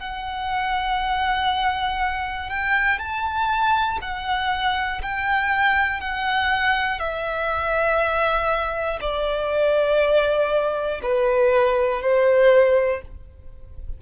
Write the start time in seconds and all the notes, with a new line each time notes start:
0.00 F#5
2.50 G5
3.00 A5
4.02 F#5
5.03 G5
6.01 F#5
7.00 E5
9.01 D5
11.03 B4
12.02 C5